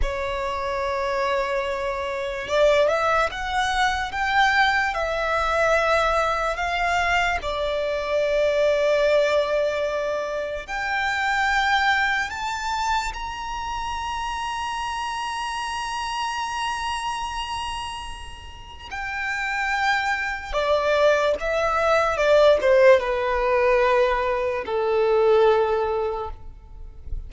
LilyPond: \new Staff \with { instrumentName = "violin" } { \time 4/4 \tempo 4 = 73 cis''2. d''8 e''8 | fis''4 g''4 e''2 | f''4 d''2.~ | d''4 g''2 a''4 |
ais''1~ | ais''2. g''4~ | g''4 d''4 e''4 d''8 c''8 | b'2 a'2 | }